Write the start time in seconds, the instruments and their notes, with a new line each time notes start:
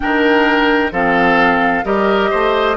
0.00 bassoon D#3, clarinet D4, oboe A#4, flute G5
0.91 bassoon F3, clarinet C4, oboe A4, flute F5
1.84 bassoon G3, clarinet G4, oboe A#4, flute D#5
2.30 bassoon A3, oboe C5